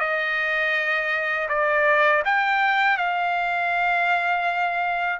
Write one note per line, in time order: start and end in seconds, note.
0.00 1.48 D#5
1.49 2.23 D5
2.25 2.97 G5
2.97 5.20 F5